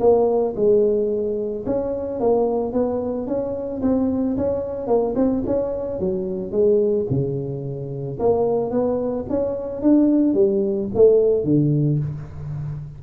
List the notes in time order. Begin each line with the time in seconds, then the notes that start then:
0.00 A#3
0.56 G#3
1.66 C#4
2.20 A#3
2.72 B3
3.27 C#4
3.82 C4
4.37 C#4
4.87 A#3
5.16 C4
5.46 C#4
6.00 F#3
6.52 G#3
7.10 C#3
8.19 A#3
8.71 B3
9.30 C#4
9.82 D4
10.34 G3
10.95 A3
11.44 D3